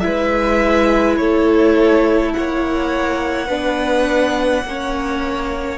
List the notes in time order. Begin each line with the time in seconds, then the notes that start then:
0.00 G#3 E4 B4 E5
1.17 A3 A4 C#5
2.33 A#3 C#5 F#5
3.47 B3 D4 B4
4.64 A#3 C#4 C#5